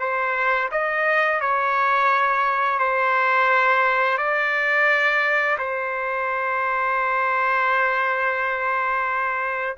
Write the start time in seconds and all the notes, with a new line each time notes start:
0.00 C5
0.72 D#5
1.41 C#5
2.79 C5
4.18 D5
5.59 C5